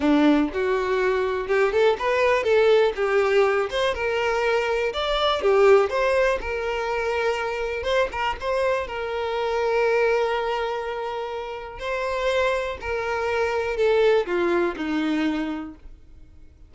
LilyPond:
\new Staff \with { instrumentName = "violin" } { \time 4/4 \tempo 4 = 122 d'4 fis'2 g'8 a'8 | b'4 a'4 g'4. c''8 | ais'2 d''4 g'4 | c''4 ais'2. |
c''8 ais'8 c''4 ais'2~ | ais'1 | c''2 ais'2 | a'4 f'4 dis'2 | }